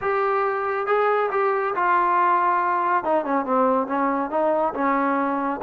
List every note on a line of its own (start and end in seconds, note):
0.01 0.87 G4
0.87 1.30 G#4
1.31 1.74 G4
1.75 3.04 F4
3.04 3.25 D#4
3.25 3.45 C#4
3.45 3.87 C4
3.87 4.30 C#4
4.30 4.73 D#4
4.74 5.60 C#4